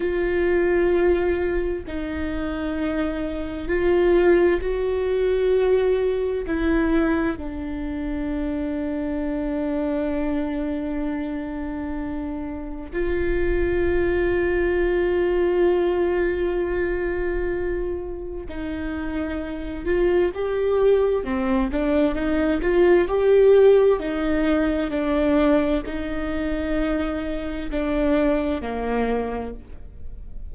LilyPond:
\new Staff \with { instrumentName = "viola" } { \time 4/4 \tempo 4 = 65 f'2 dis'2 | f'4 fis'2 e'4 | d'1~ | d'2 f'2~ |
f'1 | dis'4. f'8 g'4 c'8 d'8 | dis'8 f'8 g'4 dis'4 d'4 | dis'2 d'4 ais4 | }